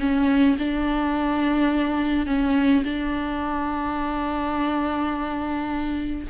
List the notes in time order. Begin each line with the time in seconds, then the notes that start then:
0.00 C#4
0.59 D4
2.27 C#4
2.84 D4